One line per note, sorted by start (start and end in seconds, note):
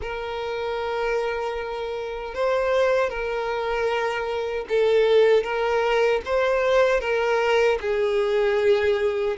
0.01 2.34 A#4
2.34 3.09 C5
3.09 4.65 A#4
4.68 5.43 A4
5.43 6.21 A#4
6.25 7.00 C5
7.00 7.78 A#4
7.80 9.36 G#4